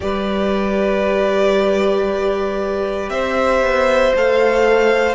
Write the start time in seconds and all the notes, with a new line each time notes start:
0.00 G3 G4 B4 D5
3.09 C4 C5 E5
3.61 B3
4.15 A3 A4 F5